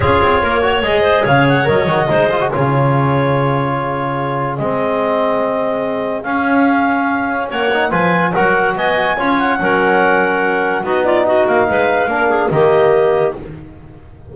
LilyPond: <<
  \new Staff \with { instrumentName = "clarinet" } { \time 4/4 \tempo 4 = 144 cis''2 dis''4 f''8 fis''8 | dis''2 cis''2~ | cis''2. dis''4~ | dis''2. f''4~ |
f''2 fis''4 gis''4 | fis''4 gis''4. fis''4.~ | fis''2 dis''8 d''8 dis''8 f''8~ | f''2 dis''2 | }
  \new Staff \with { instrumentName = "clarinet" } { \time 4/4 gis'4 ais'8 cis''4 c''8 cis''4~ | cis''4 c''4 gis'2~ | gis'1~ | gis'1~ |
gis'2 cis''4 b'4 | ais'4 dis''4 cis''4 ais'4~ | ais'2 fis'8 f'8 fis'4 | b'4 ais'8 gis'8 g'2 | }
  \new Staff \with { instrumentName = "trombone" } { \time 4/4 f'4. fis'8 gis'2 | ais'8 fis'8 dis'8 f'16 fis'16 f'2~ | f'2. c'4~ | c'2. cis'4~ |
cis'2~ cis'8 dis'8 f'4 | fis'2 f'4 cis'4~ | cis'2 dis'2~ | dis'4 d'4 ais2 | }
  \new Staff \with { instrumentName = "double bass" } { \time 4/4 cis'8 c'8 ais4 gis4 cis4 | fis8 dis8 gis4 cis2~ | cis2. gis4~ | gis2. cis'4~ |
cis'2 ais4 f4 | fis4 b4 cis'4 fis4~ | fis2 b4. ais8 | gis4 ais4 dis2 | }
>>